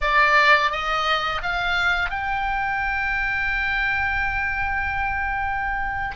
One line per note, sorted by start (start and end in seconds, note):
0.01 0.71 D5
0.71 1.41 D#5
1.42 2.10 F5
2.10 6.15 G5